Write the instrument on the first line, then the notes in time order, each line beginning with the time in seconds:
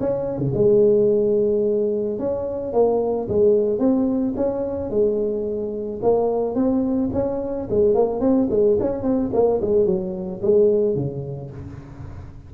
tuba
0.00 C#4
0.38 C#3
0.54 G#3
2.19 C#4
2.73 A#3
3.29 G#3
3.79 C4
4.36 C#4
4.90 G#3
6.02 A#3
6.55 C4
7.13 C#4
7.70 G#3
7.95 A#3
8.20 C4
8.50 G#3
8.80 C#4
9.03 C4
9.33 A#3
9.61 G#3
9.86 F#3
10.42 G#3
10.96 C#3